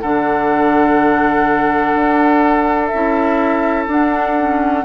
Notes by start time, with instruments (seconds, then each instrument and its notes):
0.00 bassoon D3, clarinet D4, oboe A4, flute F#5
1.95 bassoon D4
2.86 flute E5
2.93 bassoon C#4, clarinet E4
3.87 bassoon D4, clarinet D4, flute F#5
4.36 clarinet C#4